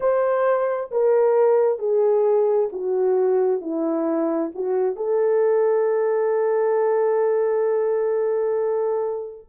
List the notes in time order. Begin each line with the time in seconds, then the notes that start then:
0.00 C5
0.91 A#4
1.78 G#4
2.72 F#4
3.61 E4
4.54 F#4
4.96 A4